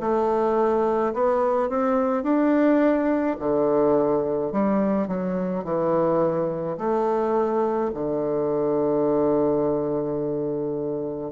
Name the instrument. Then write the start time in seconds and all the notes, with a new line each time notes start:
bassoon
0.00 A3
1.14 B3
1.69 C4
2.23 D4
3.39 D3
4.52 G3
5.08 F#3
5.64 E3
6.78 A3
7.94 D3